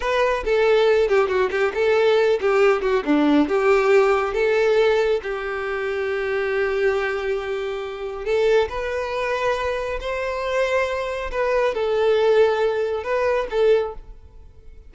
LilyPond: \new Staff \with { instrumentName = "violin" } { \time 4/4 \tempo 4 = 138 b'4 a'4. g'8 fis'8 g'8 | a'4. g'4 fis'8 d'4 | g'2 a'2 | g'1~ |
g'2. a'4 | b'2. c''4~ | c''2 b'4 a'4~ | a'2 b'4 a'4 | }